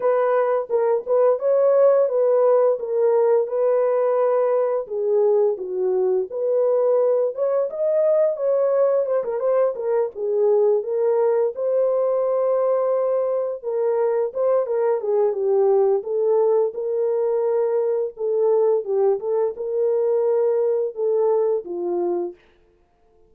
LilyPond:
\new Staff \with { instrumentName = "horn" } { \time 4/4 \tempo 4 = 86 b'4 ais'8 b'8 cis''4 b'4 | ais'4 b'2 gis'4 | fis'4 b'4. cis''8 dis''4 | cis''4 c''16 ais'16 c''8 ais'8 gis'4 ais'8~ |
ais'8 c''2. ais'8~ | ais'8 c''8 ais'8 gis'8 g'4 a'4 | ais'2 a'4 g'8 a'8 | ais'2 a'4 f'4 | }